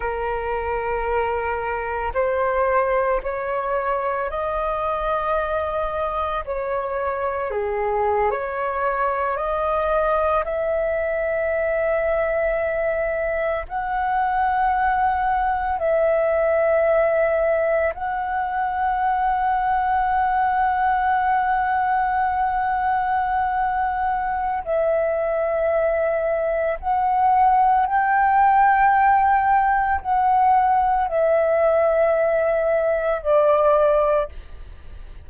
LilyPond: \new Staff \with { instrumentName = "flute" } { \time 4/4 \tempo 4 = 56 ais'2 c''4 cis''4 | dis''2 cis''4 gis'8. cis''16~ | cis''8. dis''4 e''2~ e''16~ | e''8. fis''2 e''4~ e''16~ |
e''8. fis''2.~ fis''16~ | fis''2. e''4~ | e''4 fis''4 g''2 | fis''4 e''2 d''4 | }